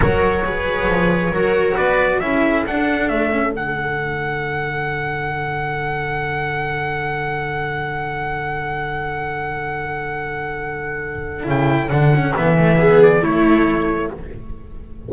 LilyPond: <<
  \new Staff \with { instrumentName = "trumpet" } { \time 4/4 \tempo 4 = 136 cis''1 | d''4 e''4 fis''4 e''4 | fis''1~ | fis''1~ |
fis''1~ | fis''1~ | fis''2 g''4 fis''4 | e''4. d''8 cis''2 | }
  \new Staff \with { instrumentName = "viola" } { \time 4/4 ais'4 b'2 ais'4 | b'4 a'2.~ | a'1~ | a'1~ |
a'1~ | a'1~ | a'1~ | a'4 gis'4 e'2 | }
  \new Staff \with { instrumentName = "cello" } { \time 4/4 fis'4 gis'2 fis'4~ | fis'4 e'4 d'4. cis'8 | d'1~ | d'1~ |
d'1~ | d'1~ | d'2 e'4 d'8 cis'8 | b8 a8 b4 a2 | }
  \new Staff \with { instrumentName = "double bass" } { \time 4/4 fis2 f4 fis4 | b4 cis'4 d'4 a4 | d1~ | d1~ |
d1~ | d1~ | d2 cis4 d4 | e2 a2 | }
>>